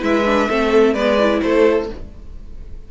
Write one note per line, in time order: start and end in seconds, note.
0.00 0.48 G#3
0.00 0.23 E4
0.00 0.49 B4
0.00 0.94 E5
0.26 0.49 D4
0.49 0.95 A3
0.49 0.96 C4
0.49 0.94 A4
0.94 1.41 G#3
0.94 1.19 B3
0.94 1.41 B4
0.94 1.41 D5
1.19 1.89 E4
1.42 1.90 A3
1.42 1.91 A4
1.42 1.88 C5